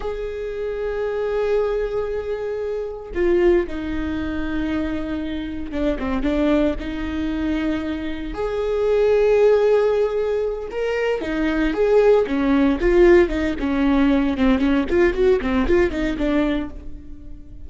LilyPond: \new Staff \with { instrumentName = "viola" } { \time 4/4 \tempo 4 = 115 gis'1~ | gis'2 f'4 dis'4~ | dis'2. d'8 c'8 | d'4 dis'2. |
gis'1~ | gis'8 ais'4 dis'4 gis'4 cis'8~ | cis'8 f'4 dis'8 cis'4. c'8 | cis'8 f'8 fis'8 c'8 f'8 dis'8 d'4 | }